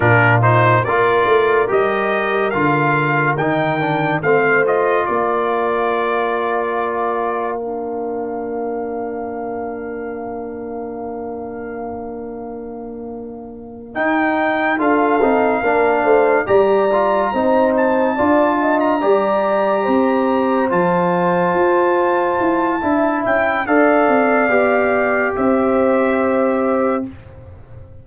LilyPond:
<<
  \new Staff \with { instrumentName = "trumpet" } { \time 4/4 \tempo 4 = 71 ais'8 c''8 d''4 dis''4 f''4 | g''4 f''8 dis''8 d''2~ | d''4 f''2.~ | f''1~ |
f''8 g''4 f''2 ais''8~ | ais''4 a''4~ a''16 ais''4.~ ais''16~ | ais''8 a''2. g''8 | f''2 e''2 | }
  \new Staff \with { instrumentName = "horn" } { \time 4/4 f'4 ais'2.~ | ais'4 c''4 ais'2~ | ais'1~ | ais'1~ |
ais'4. a'4 ais'8 c''8 d''8~ | d''8 c''4 d''8 dis''8 d''4 c''8~ | c''2. e''4 | d''2 c''2 | }
  \new Staff \with { instrumentName = "trombone" } { \time 4/4 d'8 dis'8 f'4 g'4 f'4 | dis'8 d'8 c'8 f'2~ f'8~ | f'4 d'2.~ | d'1~ |
d'8 dis'4 f'8 dis'8 d'4 g'8 | f'8 dis'4 f'4 g'4.~ | g'8 f'2~ f'8 e'4 | a'4 g'2. | }
  \new Staff \with { instrumentName = "tuba" } { \time 4/4 ais,4 ais8 a8 g4 d4 | dis4 a4 ais2~ | ais1~ | ais1~ |
ais8 dis'4 d'8 c'8 ais8 a8 g8~ | g8 c'4 d'4 g4 c'8~ | c'8 f4 f'4 e'8 d'8 cis'8 | d'8 c'8 b4 c'2 | }
>>